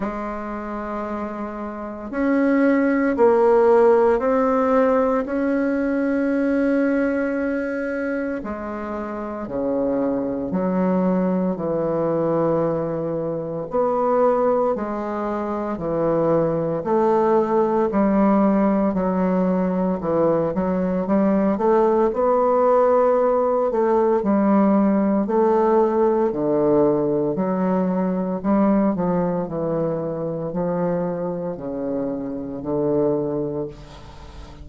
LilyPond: \new Staff \with { instrumentName = "bassoon" } { \time 4/4 \tempo 4 = 57 gis2 cis'4 ais4 | c'4 cis'2. | gis4 cis4 fis4 e4~ | e4 b4 gis4 e4 |
a4 g4 fis4 e8 fis8 | g8 a8 b4. a8 g4 | a4 d4 fis4 g8 f8 | e4 f4 cis4 d4 | }